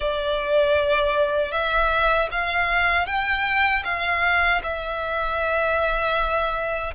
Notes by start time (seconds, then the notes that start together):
0.00 D5
1.51 E5
2.31 F5
3.06 G5
3.84 F5
4.63 E5